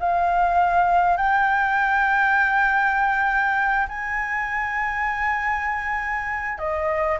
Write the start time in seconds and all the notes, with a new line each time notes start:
0.00 F5
1.17 G5
3.88 G#5
6.58 D#5